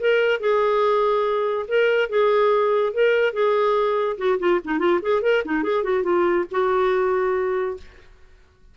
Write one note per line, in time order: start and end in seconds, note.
0.00 0.40 A#4
0.40 1.66 G#4
1.68 2.09 A#4
2.09 2.93 G#4
2.93 3.33 A#4
3.33 4.17 G#4
4.17 4.38 F#4
4.39 4.60 F4
4.64 4.79 D#4
4.79 5.00 F4
5.02 5.22 G#4
5.22 5.43 A#4
5.45 5.63 D#4
5.63 5.83 G#4
5.83 6.03 F#4
6.03 6.45 F4
6.51 7.77 F#4